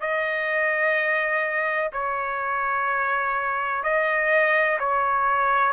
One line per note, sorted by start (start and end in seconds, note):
0.00 1.90 D#5
1.92 3.83 C#5
3.83 4.78 D#5
4.79 5.72 C#5